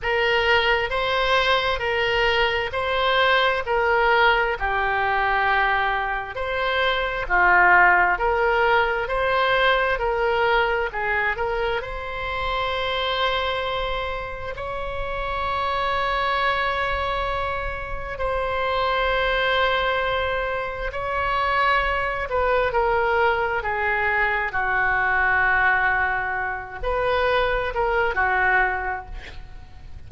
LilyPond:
\new Staff \with { instrumentName = "oboe" } { \time 4/4 \tempo 4 = 66 ais'4 c''4 ais'4 c''4 | ais'4 g'2 c''4 | f'4 ais'4 c''4 ais'4 | gis'8 ais'8 c''2. |
cis''1 | c''2. cis''4~ | cis''8 b'8 ais'4 gis'4 fis'4~ | fis'4. b'4 ais'8 fis'4 | }